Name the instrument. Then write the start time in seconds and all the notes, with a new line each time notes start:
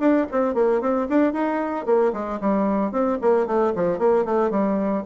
bassoon
0.00 D4
0.32 C4
0.55 A#3
0.81 C4
1.09 D4
1.33 D#4
1.86 A#3
2.13 G#3
2.41 G3
2.92 C4
3.22 A#3
3.47 A3
3.76 F3
3.99 A#3
4.26 A3
4.51 G3